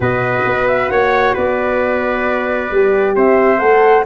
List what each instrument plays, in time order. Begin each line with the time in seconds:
0.00 tuba B2, horn F#4, trumpet B4, flute D#5
0.45 tuba B3
0.67 flute E5
0.89 tuba A#3, trumpet C#5, flute F#5
1.34 tuba B3, trumpet B4, flute D5
2.70 tuba G3, horn G4
3.15 tuba C4, trumpet C5, flute E5
3.58 tuba A3, horn A4, flute F#5